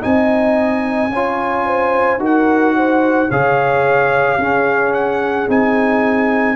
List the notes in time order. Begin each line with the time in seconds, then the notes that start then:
0.00 C4 D#4 D#5 G#5
1.09 C#4 F4 C#5
1.66 C5
2.18 D#4 F#4 A#4
2.25 F#5
2.76 C5
3.29 C#3 G#4 C#5 F5
4.37 C#4 G#4
4.93 F#5
5.47 C4 D#4 G#5